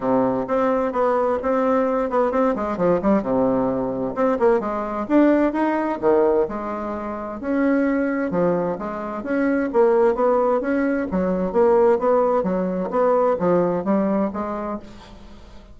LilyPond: \new Staff \with { instrumentName = "bassoon" } { \time 4/4 \tempo 4 = 130 c4 c'4 b4 c'4~ | c'8 b8 c'8 gis8 f8 g8 c4~ | c4 c'8 ais8 gis4 d'4 | dis'4 dis4 gis2 |
cis'2 f4 gis4 | cis'4 ais4 b4 cis'4 | fis4 ais4 b4 fis4 | b4 f4 g4 gis4 | }